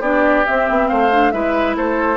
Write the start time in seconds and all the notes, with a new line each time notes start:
0.00 B3 D4 G4 D5
0.46 C4 E5
0.70 B3
0.88 A3 C5 F5
1.11 D4
1.31 G#3 E4 B4 E5
1.76 A3 A4 C5